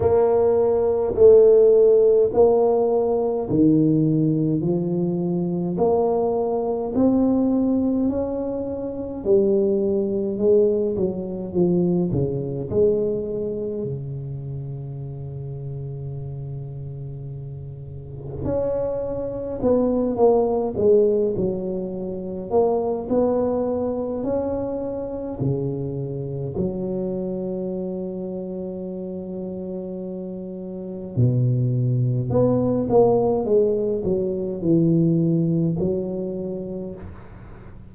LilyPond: \new Staff \with { instrumentName = "tuba" } { \time 4/4 \tempo 4 = 52 ais4 a4 ais4 dis4 | f4 ais4 c'4 cis'4 | g4 gis8 fis8 f8 cis8 gis4 | cis1 |
cis'4 b8 ais8 gis8 fis4 ais8 | b4 cis'4 cis4 fis4~ | fis2. b,4 | b8 ais8 gis8 fis8 e4 fis4 | }